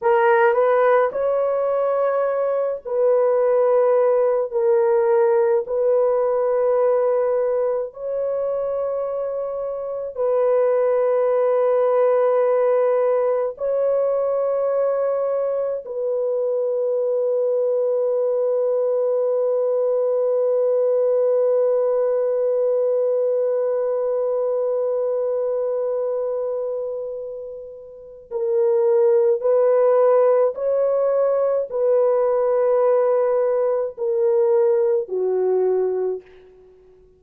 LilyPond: \new Staff \with { instrumentName = "horn" } { \time 4/4 \tempo 4 = 53 ais'8 b'8 cis''4. b'4. | ais'4 b'2 cis''4~ | cis''4 b'2. | cis''2 b'2~ |
b'1~ | b'1~ | b'4 ais'4 b'4 cis''4 | b'2 ais'4 fis'4 | }